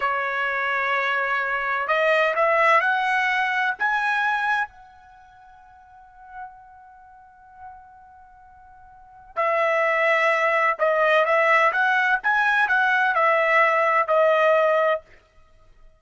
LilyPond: \new Staff \with { instrumentName = "trumpet" } { \time 4/4 \tempo 4 = 128 cis''1 | dis''4 e''4 fis''2 | gis''2 fis''2~ | fis''1~ |
fis''1 | e''2. dis''4 | e''4 fis''4 gis''4 fis''4 | e''2 dis''2 | }